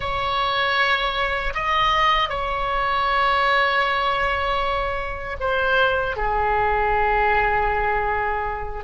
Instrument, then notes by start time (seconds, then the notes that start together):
oboe
0.00 C#5
1.54 D#5
2.29 C#5
5.40 C5
6.16 G#4